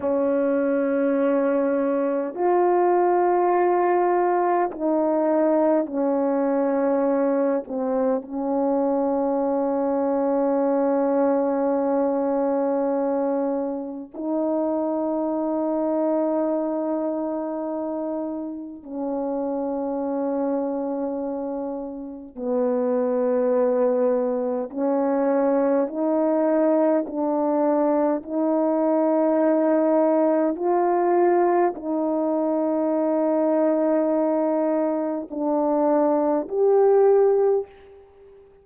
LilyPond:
\new Staff \with { instrumentName = "horn" } { \time 4/4 \tempo 4 = 51 cis'2 f'2 | dis'4 cis'4. c'8 cis'4~ | cis'1 | dis'1 |
cis'2. b4~ | b4 cis'4 dis'4 d'4 | dis'2 f'4 dis'4~ | dis'2 d'4 g'4 | }